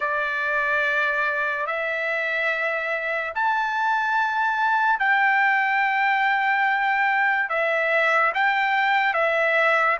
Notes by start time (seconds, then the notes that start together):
0.00 D5
1.66 E5
3.34 A5
4.99 G5
7.48 E5
8.34 G5
9.13 E5